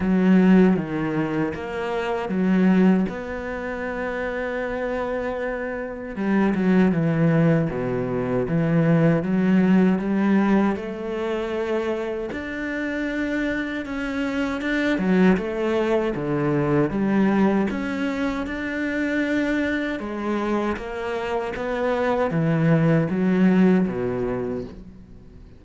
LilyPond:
\new Staff \with { instrumentName = "cello" } { \time 4/4 \tempo 4 = 78 fis4 dis4 ais4 fis4 | b1 | g8 fis8 e4 b,4 e4 | fis4 g4 a2 |
d'2 cis'4 d'8 fis8 | a4 d4 g4 cis'4 | d'2 gis4 ais4 | b4 e4 fis4 b,4 | }